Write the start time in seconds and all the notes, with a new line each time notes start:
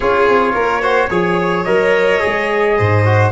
0.00 C#4 F4 G#4 C#5
0.28 C4
0.54 A#3 A#4
0.81 F#4 C5
1.09 F3 G#4 C#5
1.63 F#3 A#4 D#5
2.20 G#3 G#4
2.77 G#2 C5
3.05 F#4